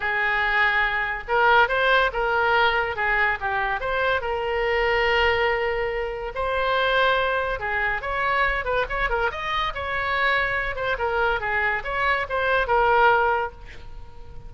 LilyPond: \new Staff \with { instrumentName = "oboe" } { \time 4/4 \tempo 4 = 142 gis'2. ais'4 | c''4 ais'2 gis'4 | g'4 c''4 ais'2~ | ais'2. c''4~ |
c''2 gis'4 cis''4~ | cis''8 b'8 cis''8 ais'8 dis''4 cis''4~ | cis''4. c''8 ais'4 gis'4 | cis''4 c''4 ais'2 | }